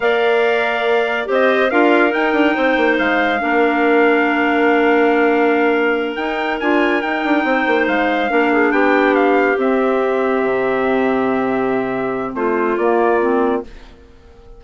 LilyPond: <<
  \new Staff \with { instrumentName = "trumpet" } { \time 4/4 \tempo 4 = 141 f''2. dis''4 | f''4 g''2 f''4~ | f''1~ | f''2~ f''8 g''4 gis''8~ |
gis''8 g''2 f''4.~ | f''8 g''4 f''4 e''4.~ | e''1~ | e''4 c''4 d''2 | }
  \new Staff \with { instrumentName = "clarinet" } { \time 4/4 d''2. c''4 | ais'2 c''2 | ais'1~ | ais'1~ |
ais'4. c''2 ais'8 | gis'8 g'2.~ g'8~ | g'1~ | g'4 f'2. | }
  \new Staff \with { instrumentName = "clarinet" } { \time 4/4 ais'2. g'4 | f'4 dis'2. | d'1~ | d'2~ d'8 dis'4 f'8~ |
f'8 dis'2. d'8~ | d'2~ d'8 c'4.~ | c'1~ | c'2 ais4 c'4 | }
  \new Staff \with { instrumentName = "bassoon" } { \time 4/4 ais2. c'4 | d'4 dis'8 d'8 c'8 ais8 gis4 | ais1~ | ais2~ ais8 dis'4 d'8~ |
d'8 dis'8 d'8 c'8 ais8 gis4 ais8~ | ais8 b2 c'4.~ | c'8 c2.~ c8~ | c4 a4 ais2 | }
>>